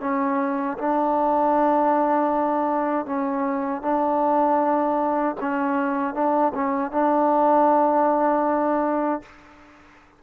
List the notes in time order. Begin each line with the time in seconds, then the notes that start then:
0.00 C#4
0.78 D4
3.06 C#4
3.82 D4
5.40 C#4
6.14 D4
6.54 C#4
6.91 D4